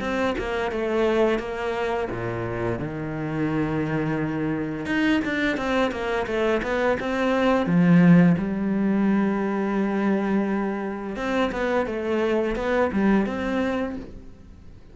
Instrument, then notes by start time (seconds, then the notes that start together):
cello
0.00 C4
0.38 A#3
0.71 A3
1.39 A#3
2.10 A#2
2.79 D#3
4.86 D#4
5.24 D4
5.57 C4
5.91 A#3
6.26 A3
6.62 B3
7.00 C4
7.66 F3
8.38 G3
11.16 C4
11.51 B3
11.86 A3
12.55 B3
12.93 G3
13.26 C4